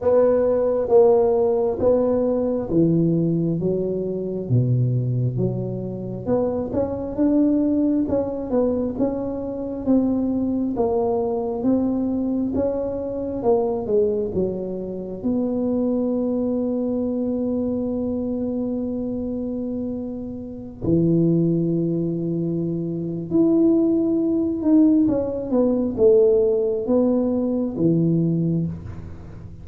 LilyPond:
\new Staff \with { instrumentName = "tuba" } { \time 4/4 \tempo 4 = 67 b4 ais4 b4 e4 | fis4 b,4 fis4 b8 cis'8 | d'4 cis'8 b8 cis'4 c'4 | ais4 c'4 cis'4 ais8 gis8 |
fis4 b2.~ | b2.~ b16 e8.~ | e2 e'4. dis'8 | cis'8 b8 a4 b4 e4 | }